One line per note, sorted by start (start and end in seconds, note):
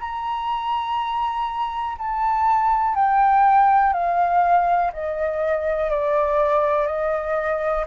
0.00 1.97 A#5
1.99 2.95 A5
2.95 3.93 G5
3.93 4.91 F5
4.93 5.90 D#5
5.90 6.87 D5
6.87 7.85 D#5